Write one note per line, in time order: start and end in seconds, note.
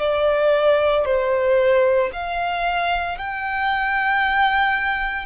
0.00 1.05 D5
1.06 2.11 C5
2.13 3.18 F5
3.18 5.26 G5